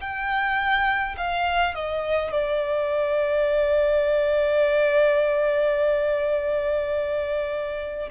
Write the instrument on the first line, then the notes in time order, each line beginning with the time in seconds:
violin
0.00 G5
1.17 F5
1.74 D#5
2.32 D5